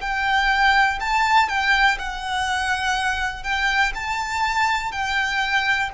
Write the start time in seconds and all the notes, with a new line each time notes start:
0.00 G5
1.00 A5
1.48 G5
1.98 F#5
3.43 G5
3.94 A5
4.91 G5